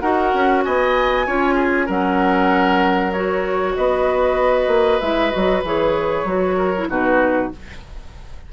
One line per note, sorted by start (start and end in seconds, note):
0.00 0.33 D#4
0.00 1.27 F#4
0.00 0.64 A#4
0.00 0.62 F#5
0.34 0.65 C#4
0.64 1.27 B3
0.64 1.26 D#5
0.64 1.89 G#5
1.26 1.89 C#4
1.26 1.88 F4
1.26 1.55 C#5
1.55 1.86 G#4
1.86 3.76 F#3
1.86 3.13 C#4
1.86 3.74 A#4
1.86 3.13 F#5
3.13 5.02 F#4
3.13 3.75 C#5
3.76 4.67 B3
3.76 6.56 B4
3.76 5.01 D#5
4.67 4.99 A#3
5.01 5.33 G#3
5.01 5.31 E4
5.01 5.31 E5
5.31 5.64 F#3
5.31 5.62 F#4
5.31 5.62 D#5
5.64 6.24 E3
5.64 6.27 G#4
5.64 6.90 C#5
6.24 6.87 F#3
6.24 6.74 F#4
6.56 6.88 A#4
6.78 6.89 E4
6.89 7.51 B2
6.89 7.51 D#4
6.89 7.52 F#4
6.89 7.53 B4